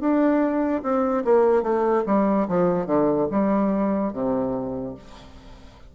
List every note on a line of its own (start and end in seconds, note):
0.00 0.82 D4
0.83 1.24 C4
1.24 1.63 A#3
1.63 2.04 A3
2.06 2.47 G3
2.48 2.86 F3
2.86 3.27 D3
3.31 4.13 G3
4.13 4.95 C3